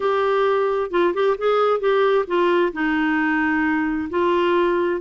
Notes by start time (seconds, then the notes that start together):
0.00 G4
0.90 F4
1.14 G4
1.38 G#4
1.80 G4
2.27 F4
2.72 D#4
4.10 F4